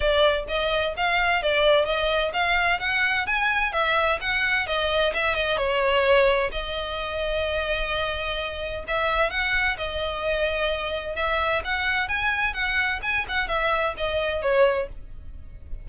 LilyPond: \new Staff \with { instrumentName = "violin" } { \time 4/4 \tempo 4 = 129 d''4 dis''4 f''4 d''4 | dis''4 f''4 fis''4 gis''4 | e''4 fis''4 dis''4 e''8 dis''8 | cis''2 dis''2~ |
dis''2. e''4 | fis''4 dis''2. | e''4 fis''4 gis''4 fis''4 | gis''8 fis''8 e''4 dis''4 cis''4 | }